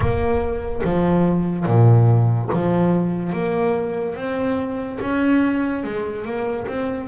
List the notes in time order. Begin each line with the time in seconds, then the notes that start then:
0.00 A#3
0.83 F3
1.66 A#2
2.52 F3
3.33 A#3
4.15 C4
5.00 C#4
5.83 G#3
6.25 A#3
6.67 C4